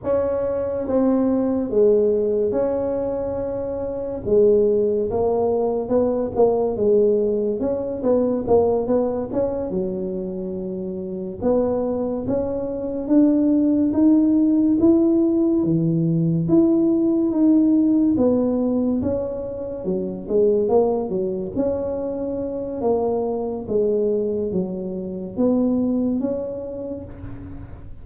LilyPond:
\new Staff \with { instrumentName = "tuba" } { \time 4/4 \tempo 4 = 71 cis'4 c'4 gis4 cis'4~ | cis'4 gis4 ais4 b8 ais8 | gis4 cis'8 b8 ais8 b8 cis'8 fis8~ | fis4. b4 cis'4 d'8~ |
d'8 dis'4 e'4 e4 e'8~ | e'8 dis'4 b4 cis'4 fis8 | gis8 ais8 fis8 cis'4. ais4 | gis4 fis4 b4 cis'4 | }